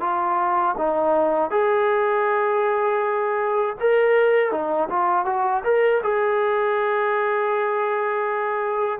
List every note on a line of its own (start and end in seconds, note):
0.00 0.75 F4
0.77 1.50 D#4
1.50 3.75 G#4
3.80 4.51 A#4
4.51 4.89 D#4
4.89 5.25 F4
5.25 5.62 F#4
5.64 6.01 A#4
6.02 8.99 G#4